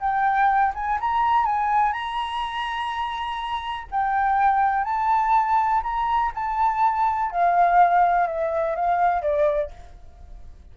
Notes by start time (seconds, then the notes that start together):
0.00 G5
0.75 G#5
1.01 A#5
1.45 G#5
1.92 A#5
3.91 G5
4.84 A5
5.83 A#5
6.34 A5
7.31 F5
8.27 E5
8.75 F5
9.22 D5